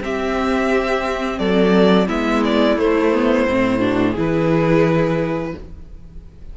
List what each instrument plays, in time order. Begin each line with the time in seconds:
0.00 cello C4, viola C4, violin G4 E5
1.37 cello F#3, violin A4 D5
2.06 cello G#3, viola B3, violin E4 E5
2.44 violin D5
2.77 cello A3, viola A3, violin C5
3.12 viola B3
3.48 cello A2, viola C4
3.78 viola D4, violin F#4
4.11 cello E3, viola E4, violin G#4
4.19 violin B4